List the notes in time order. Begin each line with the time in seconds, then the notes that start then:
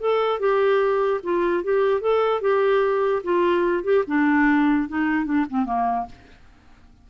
0.00 A4
0.39 G4
1.23 F4
1.64 G4
2.00 A4
2.41 G4
3.23 F4
3.84 G4
4.07 D4
4.88 D#4
5.25 D4
5.50 C4
5.65 A#3